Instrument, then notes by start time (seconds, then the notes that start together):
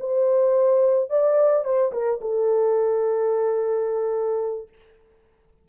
horn
0.00 C5
1.10 D5
1.64 C5
1.92 A#4
2.21 A4